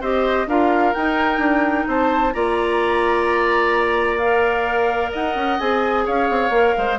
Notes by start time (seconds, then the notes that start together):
0.00 C4 G4 C5 D#5
0.46 D4 F4 A#4 F5
0.93 D#4 G5
1.38 D4
1.87 C4 C5 A5
2.33 A#3 F4 D5 A#5
4.17 A#4 F5
5.11 D#4 D#5 F#5
5.35 C#4
5.59 C4 G#4 G#5
6.05 C#4 C#5 F5
6.29 C4
6.50 A#3 A#4
6.77 G#3 C5